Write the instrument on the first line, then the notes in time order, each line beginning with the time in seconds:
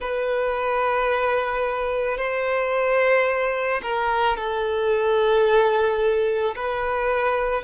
violin
0.00 B4
2.17 C5
3.82 A#4
4.36 A4
6.55 B4